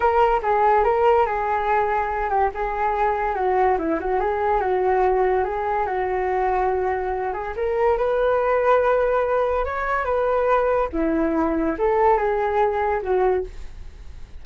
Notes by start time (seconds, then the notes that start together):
0.00 A#4
0.42 G#4
0.84 A#4
1.26 G#4
2.29 G4
2.54 G#4
3.35 F#4
3.78 E4
4.00 F#4
4.20 G#4
4.60 F#4
5.44 G#4
5.86 F#4
7.33 G#4
7.56 A#4
7.97 B4
9.64 C#5
10.05 B4
10.92 E4
11.78 A4
12.17 G#4
13.02 F#4